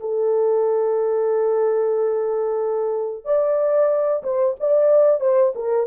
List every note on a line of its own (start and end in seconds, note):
0.00 3.25 A4
3.25 4.22 D5
4.23 4.56 C5
4.60 5.21 D5
5.21 5.53 C5
5.55 5.87 A#4